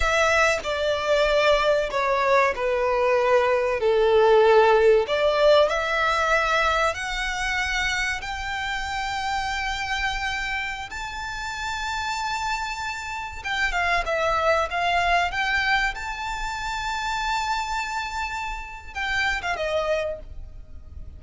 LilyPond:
\new Staff \with { instrumentName = "violin" } { \time 4/4 \tempo 4 = 95 e''4 d''2 cis''4 | b'2 a'2 | d''4 e''2 fis''4~ | fis''4 g''2.~ |
g''4~ g''16 a''2~ a''8.~ | a''4~ a''16 g''8 f''8 e''4 f''8.~ | f''16 g''4 a''2~ a''8.~ | a''2 g''8. f''16 dis''4 | }